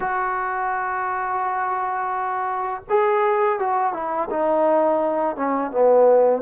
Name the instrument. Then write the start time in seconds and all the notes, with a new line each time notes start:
trombone
0.00 F#4
2.89 G#4
3.59 F#4
3.93 E4
4.30 D#4
5.36 C#4
5.71 B3